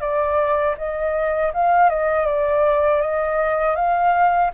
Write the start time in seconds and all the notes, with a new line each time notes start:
0.00 D5
0.77 D#5
1.53 F5
1.89 D#5
2.26 D5
3.01 D#5
3.75 F5